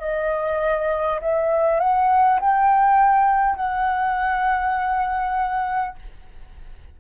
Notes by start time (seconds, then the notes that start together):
0.00 D#5
1.21 E5
1.79 F#5
2.40 G5
3.56 F#5